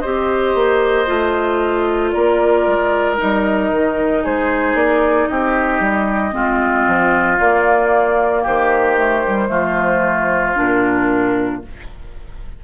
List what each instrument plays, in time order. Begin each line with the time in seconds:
0.00 bassoon C4, clarinet G4, oboe C5, flute D#5
0.55 bassoon A#3
1.07 bassoon A3, clarinet F4
2.11 bassoon A#3, oboe A#4, flute D5
2.67 bassoon G#3
3.18 bassoon G3, clarinet D#4, flute D#5
3.72 bassoon D#3
4.24 bassoon G#3, oboe G#4, flute C5
4.74 bassoon A#3, flute D5
5.28 bassoon C4, oboe G4, flute D#5
5.80 bassoon G3
6.32 bassoon G#3, clarinet C4, oboe F4
6.88 bassoon F3
7.39 bassoon A#3, clarinet A#3, flute D5
8.43 bassoon D#3, oboe G4, flute C5
8.98 clarinet A3
9.27 clarinet G3
9.48 bassoon F3, clarinet A3, oboe F4
10.56 bassoon A#2, clarinet D4, flute A#4